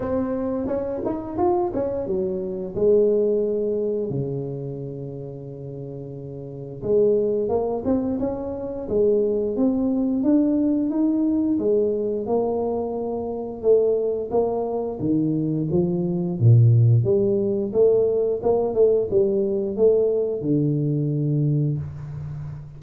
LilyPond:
\new Staff \with { instrumentName = "tuba" } { \time 4/4 \tempo 4 = 88 c'4 cis'8 dis'8 f'8 cis'8 fis4 | gis2 cis2~ | cis2 gis4 ais8 c'8 | cis'4 gis4 c'4 d'4 |
dis'4 gis4 ais2 | a4 ais4 dis4 f4 | ais,4 g4 a4 ais8 a8 | g4 a4 d2 | }